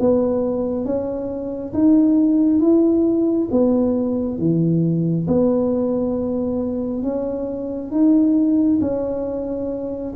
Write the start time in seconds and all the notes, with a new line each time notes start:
0.00 B3
0.85 C#4
1.74 D#4
2.60 E4
3.51 B3
4.38 E3
5.28 B3
7.03 C#4
7.91 D#4
8.81 C#4